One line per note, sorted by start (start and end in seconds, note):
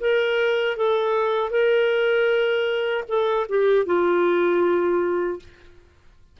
0.00 0.76 A#4
0.76 1.50 A4
1.50 3.04 A#4
3.08 3.47 A4
3.49 3.86 G4
3.86 5.40 F4